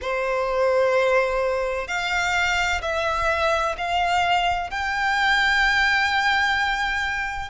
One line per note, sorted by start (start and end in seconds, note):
0.01 1.87 C5
1.87 2.81 F5
2.81 3.75 E5
3.78 4.70 F5
4.70 7.49 G5